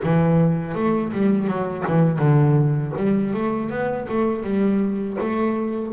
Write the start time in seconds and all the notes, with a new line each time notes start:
0.03 E3
0.74 A3
1.12 G3
1.46 F#3
1.87 E3
2.18 D3
2.96 G3
3.33 A3
3.70 B3
4.08 A3
4.43 G3
5.20 A3